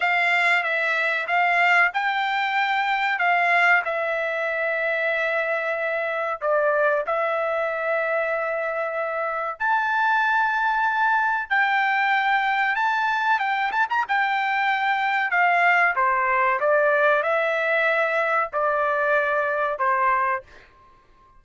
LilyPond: \new Staff \with { instrumentName = "trumpet" } { \time 4/4 \tempo 4 = 94 f''4 e''4 f''4 g''4~ | g''4 f''4 e''2~ | e''2 d''4 e''4~ | e''2. a''4~ |
a''2 g''2 | a''4 g''8 a''16 ais''16 g''2 | f''4 c''4 d''4 e''4~ | e''4 d''2 c''4 | }